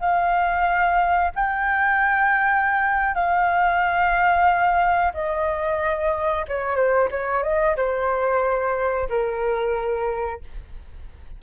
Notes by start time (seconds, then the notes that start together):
0.00 F5
1.35 G5
3.15 F5
5.14 D#5
6.48 C#5
6.76 C5
7.11 C#5
7.43 D#5
7.77 C5
9.09 A#4